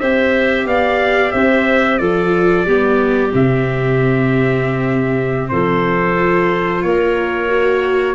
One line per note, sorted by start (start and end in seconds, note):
0.00 0.66 C4
0.00 2.00 G4
0.00 0.67 C5
0.00 0.67 E5
0.66 1.32 B3
0.66 1.33 D5
0.66 1.32 F5
1.32 2.00 C4
1.32 2.00 C5
1.32 1.98 E5
1.98 2.65 F3
1.98 2.66 F4
1.98 2.66 A4
1.98 3.31 D5
2.65 3.32 G3
2.65 3.31 B3
2.65 5.49 G4
3.31 5.51 C3
3.31 6.15 C4
3.31 5.49 E5
5.49 6.83 F3
5.49 6.84 A4
5.49 6.82 C5
6.15 7.48 F4
6.82 8.15 A#3
6.82 8.15 A#4
6.82 8.15 C#5
7.48 8.15 F#4